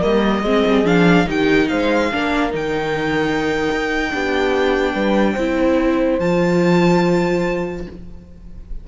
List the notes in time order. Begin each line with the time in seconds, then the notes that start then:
0.00 G3 A#3 A#4 D#5
0.42 G#3 C4 G#4
0.66 G3
0.84 F3 D4 F5
1.26 D#3 D#4 G4 G5
1.68 G#3 C5 F5
2.12 A#3 D4 A#4
2.51 D#3 D#4 G5
3.71 D#4
4.10 B3 D4 G4
4.93 G3 B4
5.33 C4 E4 C5
6.19 F3 F4 A5